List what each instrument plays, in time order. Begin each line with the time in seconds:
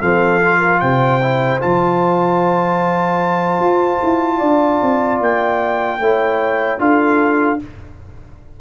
0.00 tuba F3, trombone C4, horn A4, trumpet F5
0.42 trombone F4
0.58 horn A#4
0.80 tuba C3, horn C5, trumpet G5
1.21 trombone E4
1.59 tuba F3, trombone F4, trumpet A5
3.59 tuba F4
4.03 tuba E4
4.37 tuba D4, horn D5
4.82 tuba C4
5.20 tuba A#3, trumpet G5
5.99 tuba A3, trombone E4, horn C#5
6.79 tuba D4, trombone F4, horn A4, trumpet F5